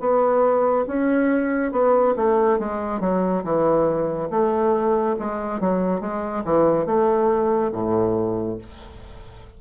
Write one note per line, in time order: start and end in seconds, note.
0.00 0.86 B3
0.88 1.72 C#4
1.72 2.15 B3
2.17 2.59 A3
2.59 3.01 G#3
3.01 3.44 F#3
3.44 4.30 E3
4.31 5.16 A3
5.19 5.61 G#3
5.61 6.01 F#3
6.01 6.44 G#3
6.45 6.86 E3
6.86 7.72 A3
7.73 8.58 A2